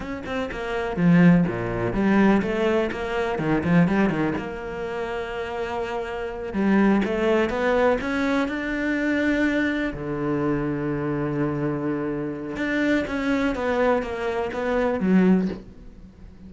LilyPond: \new Staff \with { instrumentName = "cello" } { \time 4/4 \tempo 4 = 124 cis'8 c'8 ais4 f4 ais,4 | g4 a4 ais4 dis8 f8 | g8 dis8 ais2.~ | ais4. g4 a4 b8~ |
b8 cis'4 d'2~ d'8~ | d'8 d2.~ d8~ | d2 d'4 cis'4 | b4 ais4 b4 fis4 | }